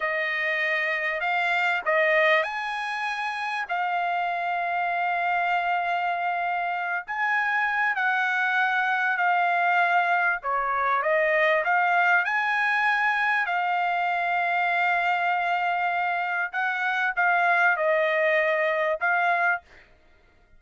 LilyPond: \new Staff \with { instrumentName = "trumpet" } { \time 4/4 \tempo 4 = 98 dis''2 f''4 dis''4 | gis''2 f''2~ | f''2.~ f''8 gis''8~ | gis''4 fis''2 f''4~ |
f''4 cis''4 dis''4 f''4 | gis''2 f''2~ | f''2. fis''4 | f''4 dis''2 f''4 | }